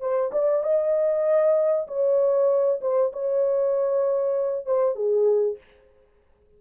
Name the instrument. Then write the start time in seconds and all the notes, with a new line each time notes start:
horn
0.00 C5
0.32 D5
0.63 D#5
1.87 C#5
2.81 C5
3.13 C#5
4.66 C5
4.95 G#4